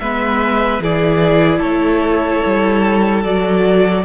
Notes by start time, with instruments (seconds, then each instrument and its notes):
0.00 cello G#3, viola B3, violin B4 E5
0.80 cello E3, viola E4, violin G#4 D5
1.59 cello A3, violin A4 C#5
2.46 cello G3
3.24 cello F#3, viola F#4, violin D5